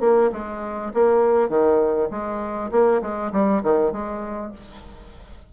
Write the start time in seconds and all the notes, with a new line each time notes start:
0.00 A#3
0.32 G#3
0.93 A#3
1.49 D#3
2.10 G#3
2.71 A#3
3.01 G#3
3.32 G3
3.63 D#3
3.92 G#3